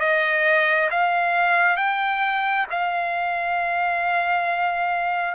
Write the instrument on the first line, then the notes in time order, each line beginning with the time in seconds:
trumpet
0.00 D#5
0.90 F5
1.77 G5
2.71 F5